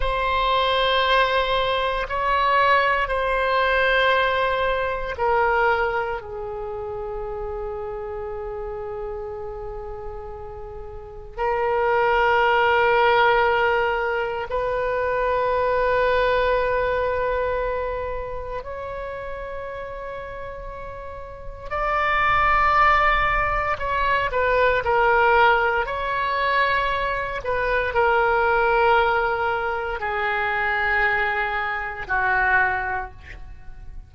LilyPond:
\new Staff \with { instrumentName = "oboe" } { \time 4/4 \tempo 4 = 58 c''2 cis''4 c''4~ | c''4 ais'4 gis'2~ | gis'2. ais'4~ | ais'2 b'2~ |
b'2 cis''2~ | cis''4 d''2 cis''8 b'8 | ais'4 cis''4. b'8 ais'4~ | ais'4 gis'2 fis'4 | }